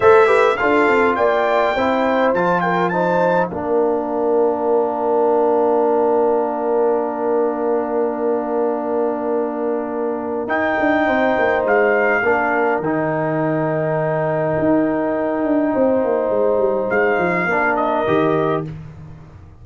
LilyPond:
<<
  \new Staff \with { instrumentName = "trumpet" } { \time 4/4 \tempo 4 = 103 e''4 f''4 g''2 | a''8 g''8 a''4 f''2~ | f''1~ | f''1~ |
f''2 g''2 | f''2 g''2~ | g''1~ | g''4 f''4. dis''4. | }
  \new Staff \with { instrumentName = "horn" } { \time 4/4 c''8 b'8 a'4 d''4 c''4~ | c''8 ais'8 c''4 ais'2~ | ais'1~ | ais'1~ |
ais'2. c''4~ | c''4 ais'2.~ | ais'2. c''4~ | c''2 ais'2 | }
  \new Staff \with { instrumentName = "trombone" } { \time 4/4 a'8 g'8 f'2 e'4 | f'4 dis'4 d'2~ | d'1~ | d'1~ |
d'2 dis'2~ | dis'4 d'4 dis'2~ | dis'1~ | dis'2 d'4 g'4 | }
  \new Staff \with { instrumentName = "tuba" } { \time 4/4 a4 d'8 c'8 ais4 c'4 | f2 ais2~ | ais1~ | ais1~ |
ais2 dis'8 d'8 c'8 ais8 | gis4 ais4 dis2~ | dis4 dis'4. d'8 c'8 ais8 | gis8 g8 gis8 f8 ais4 dis4 | }
>>